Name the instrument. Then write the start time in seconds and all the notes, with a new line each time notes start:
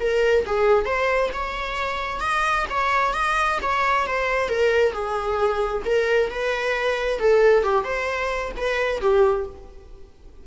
viola
0.00 A#4
0.46 G#4
0.85 C5
1.33 C#5
2.20 D#5
2.70 C#5
3.14 D#5
3.62 C#5
4.07 C5
4.49 A#4
4.92 G#4
5.85 A#4
6.30 B4
7.19 A4
7.63 G4
7.84 C5
8.57 B4
9.01 G4